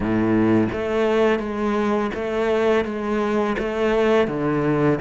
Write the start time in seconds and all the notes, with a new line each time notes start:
0.00 A2
0.72 A3
1.39 G#3
2.14 A3
2.84 G#3
3.58 A3
4.27 D3